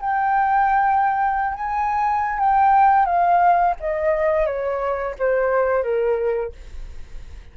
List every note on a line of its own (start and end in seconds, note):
0.00 1.54 G5
1.54 2.39 G#5
2.39 3.05 G5
3.05 3.74 F5
3.80 4.46 D#5
4.46 5.15 C#5
5.18 5.83 C5
5.83 6.52 A#4